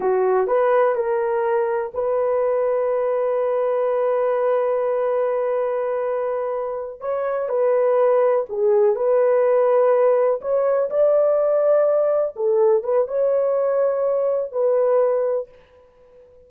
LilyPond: \new Staff \with { instrumentName = "horn" } { \time 4/4 \tempo 4 = 124 fis'4 b'4 ais'2 | b'1~ | b'1~ | b'2~ b'8 cis''4 b'8~ |
b'4. gis'4 b'4.~ | b'4. cis''4 d''4.~ | d''4. a'4 b'8 cis''4~ | cis''2 b'2 | }